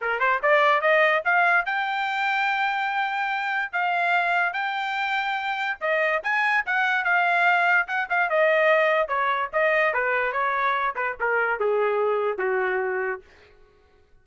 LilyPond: \new Staff \with { instrumentName = "trumpet" } { \time 4/4 \tempo 4 = 145 ais'8 c''8 d''4 dis''4 f''4 | g''1~ | g''4 f''2 g''4~ | g''2 dis''4 gis''4 |
fis''4 f''2 fis''8 f''8 | dis''2 cis''4 dis''4 | b'4 cis''4. b'8 ais'4 | gis'2 fis'2 | }